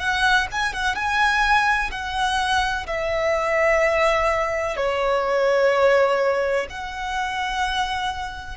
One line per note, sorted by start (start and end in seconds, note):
0.00 0.48 F#5
0.52 0.74 G#5
0.74 0.96 F#5
0.96 1.91 G#5
1.92 2.87 F#5
2.87 4.77 E5
4.77 6.67 C#5
6.70 8.58 F#5